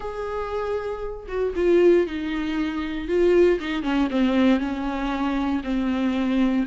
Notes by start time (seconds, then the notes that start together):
0.00 G#4
1.28 F#4
1.55 F4
2.07 D#4
3.08 F4
3.59 D#4
3.82 C#4
4.10 C4
4.59 C#4
5.63 C4